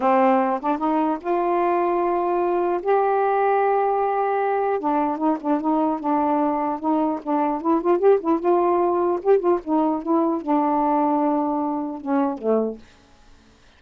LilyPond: \new Staff \with { instrumentName = "saxophone" } { \time 4/4 \tempo 4 = 150 c'4. d'8 dis'4 f'4~ | f'2. g'4~ | g'1 | d'4 dis'8 d'8 dis'4 d'4~ |
d'4 dis'4 d'4 e'8 f'8 | g'8 e'8 f'2 g'8 f'8 | dis'4 e'4 d'2~ | d'2 cis'4 a4 | }